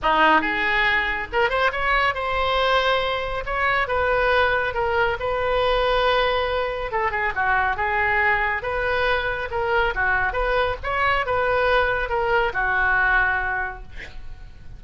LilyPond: \new Staff \with { instrumentName = "oboe" } { \time 4/4 \tempo 4 = 139 dis'4 gis'2 ais'8 c''8 | cis''4 c''2. | cis''4 b'2 ais'4 | b'1 |
a'8 gis'8 fis'4 gis'2 | b'2 ais'4 fis'4 | b'4 cis''4 b'2 | ais'4 fis'2. | }